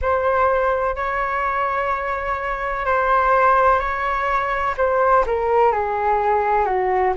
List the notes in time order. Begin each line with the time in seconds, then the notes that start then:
0.01 C5
0.95 C#5
2.85 C5
3.79 C#5
4.77 C5
5.26 A#4
5.71 G#4
6.65 F#4